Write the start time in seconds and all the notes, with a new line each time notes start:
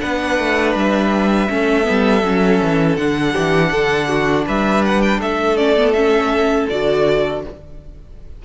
0.00 B3 D4 B4 F#5
0.39 A3
0.75 G3 E5
1.49 A3 C#4 A4
1.84 B3
1.90 G3
2.23 F#3 C#4
2.63 E3
2.96 D3 D4 F#5
3.32 E3 G4
3.72 D3 A4
4.08 F#4
4.46 G3 B4 E5
4.85 F#5
5.02 G5
5.19 A3 A4 E5
5.57 C#4 D5
5.76 B3
5.93 C#4 E5
6.69 D3 F#4 D5